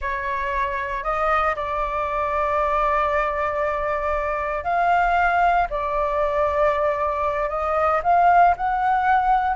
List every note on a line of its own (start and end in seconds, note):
0.01 1.03 C#5
1.03 1.55 D#5
1.55 4.64 D5
4.64 5.67 F5
5.70 7.49 D5
7.49 8.01 D#5
8.03 8.55 F5
8.56 9.56 F#5